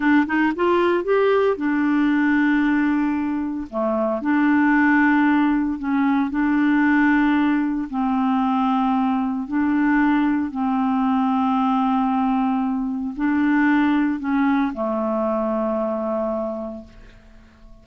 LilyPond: \new Staff \with { instrumentName = "clarinet" } { \time 4/4 \tempo 4 = 114 d'8 dis'8 f'4 g'4 d'4~ | d'2. a4 | d'2. cis'4 | d'2. c'4~ |
c'2 d'2 | c'1~ | c'4 d'2 cis'4 | a1 | }